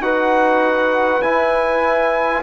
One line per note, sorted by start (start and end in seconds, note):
0.00 1.20 D#4
0.00 1.21 F#4
0.00 2.42 B4
0.00 1.22 F#5
1.22 2.42 E4
1.22 2.42 G#5